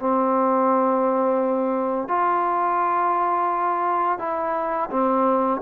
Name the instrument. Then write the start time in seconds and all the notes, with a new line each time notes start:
trombone
0.00 C4
2.09 F4
4.19 E4
4.91 C4